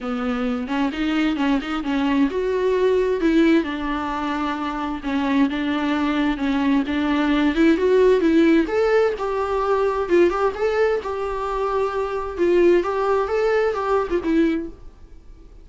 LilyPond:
\new Staff \with { instrumentName = "viola" } { \time 4/4 \tempo 4 = 131 b4. cis'8 dis'4 cis'8 dis'8 | cis'4 fis'2 e'4 | d'2. cis'4 | d'2 cis'4 d'4~ |
d'8 e'8 fis'4 e'4 a'4 | g'2 f'8 g'8 a'4 | g'2. f'4 | g'4 a'4 g'8. f'16 e'4 | }